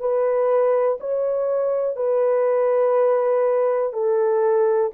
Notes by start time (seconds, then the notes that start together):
0.00 B4
1.01 C#5
1.96 B4
3.93 A4